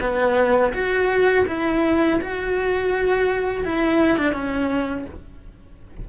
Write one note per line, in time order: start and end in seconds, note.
0.00 0.72 B3
0.73 1.45 F#4
1.47 2.19 E4
2.21 3.64 F#4
3.64 4.17 E4
4.17 4.33 D4
4.33 5.05 C#4